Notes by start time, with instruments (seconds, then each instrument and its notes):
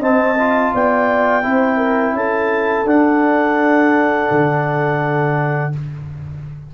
0.00 tuba C4, trombone C4, horn D#5, clarinet A5
0.38 trombone F4
0.74 tuba B3, horn D5, clarinet G5
1.42 tuba C4, trombone E4, horn C5
1.77 horn A#4
2.13 tuba C#4, horn A4, clarinet A5
2.84 tuba D4, trombone D4, clarinet F#5
4.31 tuba D3